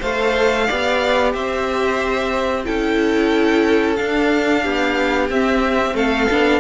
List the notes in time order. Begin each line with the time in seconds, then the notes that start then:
0.00 A3 A4 C5 F5
0.66 B3 G4 D5
1.33 C4 C5 E5
2.65 C#4 E4 A4 G5
3.96 D4 F5
4.62 B3 G4
5.29 C4 E5
5.94 A3 A4 F5
6.30 B3 D4